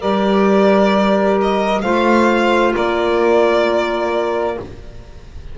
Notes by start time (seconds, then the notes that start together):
0.00 G3 G4 A#4 D5
1.42 D#5
1.82 A3 F4 C5 F5
2.74 A#3 A#4 D5